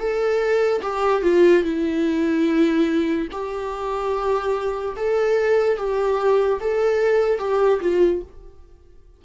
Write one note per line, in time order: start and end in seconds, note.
0.00 0.82 A4
0.83 1.23 G4
1.23 1.64 F4
1.64 3.28 E4
3.32 4.96 G4
4.97 5.78 A4
5.78 6.60 G4
6.61 7.39 A4
7.39 7.80 G4
7.82 8.23 F4